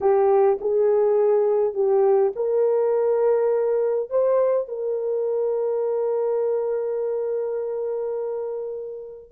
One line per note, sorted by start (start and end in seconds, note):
0.00 0.59 G4
0.60 1.74 G#4
1.74 2.32 G4
2.35 4.10 A#4
4.10 4.68 C5
4.68 9.31 A#4